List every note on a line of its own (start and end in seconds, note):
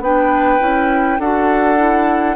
0.00 0.59 B3
0.00 0.60 D4
0.00 1.20 B4
0.00 1.20 G5
0.60 1.19 C#4
0.60 1.18 E4
1.19 2.36 D4
1.19 1.77 F#4
1.19 2.36 A4
1.19 2.36 F#5
1.77 2.36 E4